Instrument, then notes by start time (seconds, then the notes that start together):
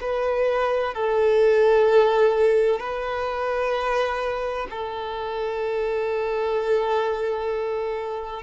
violin
0.00 B4
0.94 A4
2.80 B4
4.70 A4